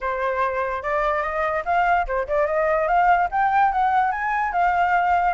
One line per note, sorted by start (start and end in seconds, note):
0.00 0.82 C5
0.82 1.22 D5
1.22 1.63 D#5
1.65 2.06 F5
2.06 2.27 C5
2.27 2.46 D5
2.46 2.87 D#5
2.87 3.28 F5
3.31 3.72 G5
3.72 4.11 F#5
4.11 4.52 G#5
4.52 5.33 F5